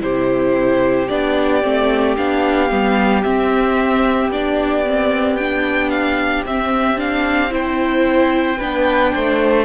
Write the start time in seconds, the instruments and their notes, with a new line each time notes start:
0.00 cello C3, viola E4, violin G4 C5
1.08 cello B3, viola D4, violin D5
1.62 cello A3, viola C4
2.17 cello B3, viola D4, violin F5
2.70 cello G3, viola B3
3.23 viola C4, cello C4, violin E5
4.29 cello B3, viola D4, violin D5
4.86 viola C4
5.37 viola D4, violin G5
5.90 violin F5
6.46 viola C4, cello C4, violin E5
6.96 viola D4, violin F5
7.50 viola E4, violin C5 G5
8.58 cello B3, viola D4, violin B4
9.13 cello A3, violin C5